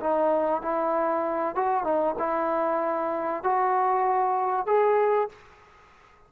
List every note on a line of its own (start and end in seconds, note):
0.00 0.62 D#4
0.62 1.55 E4
1.55 1.84 F#4
1.84 2.15 D#4
2.18 3.43 E4
3.43 4.66 F#4
4.66 5.29 G#4